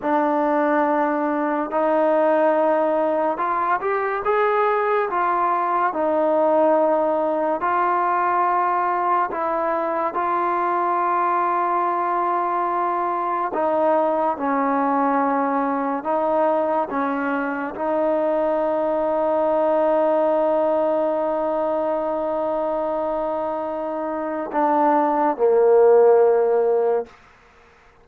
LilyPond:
\new Staff \with { instrumentName = "trombone" } { \time 4/4 \tempo 4 = 71 d'2 dis'2 | f'8 g'8 gis'4 f'4 dis'4~ | dis'4 f'2 e'4 | f'1 |
dis'4 cis'2 dis'4 | cis'4 dis'2.~ | dis'1~ | dis'4 d'4 ais2 | }